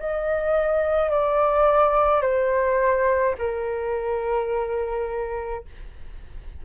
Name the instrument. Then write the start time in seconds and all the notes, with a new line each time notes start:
flute
0.00 D#5
1.11 D5
2.22 C5
3.39 A#4